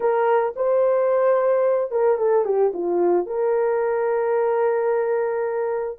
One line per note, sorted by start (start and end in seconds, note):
0.00 0.54 A#4
0.56 1.91 C5
1.91 2.17 A#4
2.17 2.44 A4
2.44 2.71 G4
2.73 3.26 F4
3.26 5.98 A#4